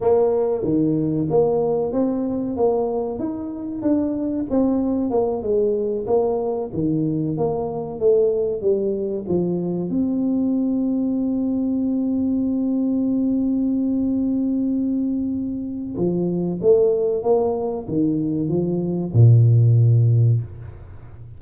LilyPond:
\new Staff \with { instrumentName = "tuba" } { \time 4/4 \tempo 4 = 94 ais4 dis4 ais4 c'4 | ais4 dis'4 d'4 c'4 | ais8 gis4 ais4 dis4 ais8~ | ais8 a4 g4 f4 c'8~ |
c'1~ | c'1~ | c'4 f4 a4 ais4 | dis4 f4 ais,2 | }